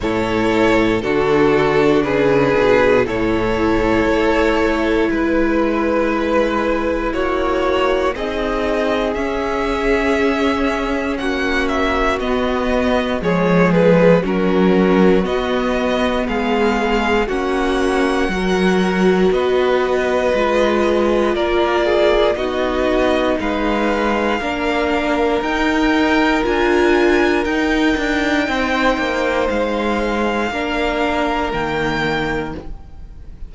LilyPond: <<
  \new Staff \with { instrumentName = "violin" } { \time 4/4 \tempo 4 = 59 cis''4 a'4 b'4 cis''4~ | cis''4 b'2 cis''4 | dis''4 e''2 fis''8 e''8 | dis''4 cis''8 b'8 ais'4 dis''4 |
f''4 fis''2 dis''4~ | dis''4 d''4 dis''4 f''4~ | f''4 g''4 gis''4 g''4~ | g''4 f''2 g''4 | }
  \new Staff \with { instrumentName = "violin" } { \time 4/4 a'4 fis'4 gis'4 a'4~ | a'4 b'2 fis'4 | gis'2. fis'4~ | fis'4 gis'4 fis'2 |
gis'4 fis'4 ais'4 b'4~ | b'4 ais'8 gis'8 fis'4 b'4 | ais'1 | c''2 ais'2 | }
  \new Staff \with { instrumentName = "viola" } { \time 4/4 e'4 d'2 e'4~ | e'1 | dis'4 cis'2. | b4 gis4 cis'4 b4~ |
b4 cis'4 fis'2 | f'2 dis'2 | d'4 dis'4 f'4 dis'4~ | dis'2 d'4 ais4 | }
  \new Staff \with { instrumentName = "cello" } { \time 4/4 a,4 d4 cis8 b,8 a,4 | a4 gis2 ais4 | c'4 cis'2 ais4 | b4 f4 fis4 b4 |
gis4 ais4 fis4 b4 | gis4 ais4 b4 gis4 | ais4 dis'4 d'4 dis'8 d'8 | c'8 ais8 gis4 ais4 dis4 | }
>>